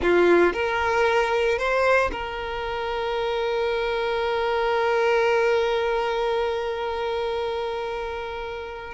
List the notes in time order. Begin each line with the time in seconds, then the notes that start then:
0.02 F4
0.53 A#4
1.58 C5
2.11 A#4